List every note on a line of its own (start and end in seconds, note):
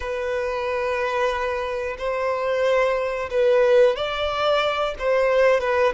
0.00 1.96 B4
1.98 3.29 C5
3.30 3.96 B4
3.96 4.95 D5
4.98 5.60 C5
5.60 5.93 B4